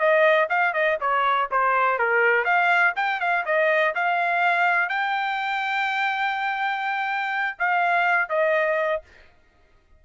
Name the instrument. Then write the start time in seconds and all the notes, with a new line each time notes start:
trumpet
0.00 D#5
0.50 F5
0.74 D#5
1.01 C#5
1.51 C5
1.99 A#4
2.45 F5
2.96 G5
3.21 F5
3.46 D#5
3.95 F5
4.90 G5
7.59 F5
8.29 D#5